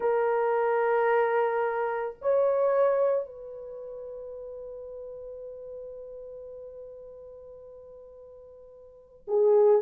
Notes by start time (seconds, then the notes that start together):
0.00 A#4
2.21 C#5
3.25 B4
9.27 G#4